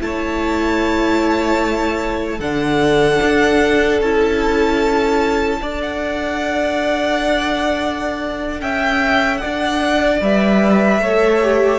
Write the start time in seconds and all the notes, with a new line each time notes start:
0.00 A3 E4 C#5 A5
2.39 D3 D4 A4 F#5
3.23 D4
4.01 C#4 E4 A5
5.62 D4 A4 D5
5.83 F#5
8.61 C#4 E5 G5
9.38 D5 F#5
9.45 D4
10.21 G3 B4 E5
11.00 A3 A4 C#5
11.42 G4